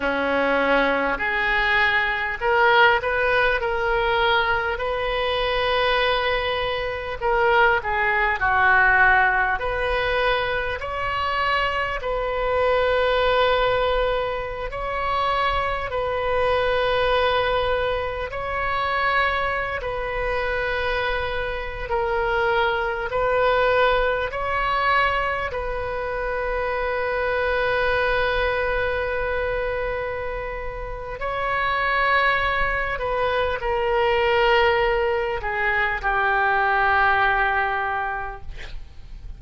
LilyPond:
\new Staff \with { instrumentName = "oboe" } { \time 4/4 \tempo 4 = 50 cis'4 gis'4 ais'8 b'8 ais'4 | b'2 ais'8 gis'8 fis'4 | b'4 cis''4 b'2~ | b'16 cis''4 b'2 cis''8.~ |
cis''8 b'4.~ b'16 ais'4 b'8.~ | b'16 cis''4 b'2~ b'8.~ | b'2 cis''4. b'8 | ais'4. gis'8 g'2 | }